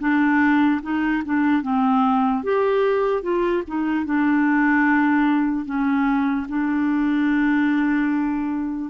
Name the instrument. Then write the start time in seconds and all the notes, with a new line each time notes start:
clarinet
0.00 D4
0.83 D#4
1.25 D4
1.63 C4
2.44 G4
3.23 F4
3.68 D#4
4.05 D4
5.66 C#4
6.49 D4